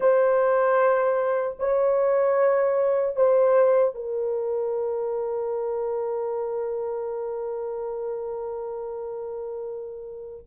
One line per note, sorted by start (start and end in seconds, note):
0.00 1.56 C5
1.59 3.16 C#5
3.16 3.95 C5
3.95 10.46 A#4